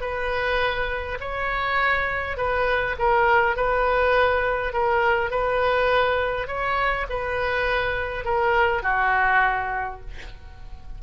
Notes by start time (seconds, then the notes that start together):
0.00 B4
1.20 C#5
2.37 B4
2.98 A#4
3.56 B4
4.73 A#4
5.30 B4
6.47 C#5
7.09 B4
8.24 A#4
8.82 F#4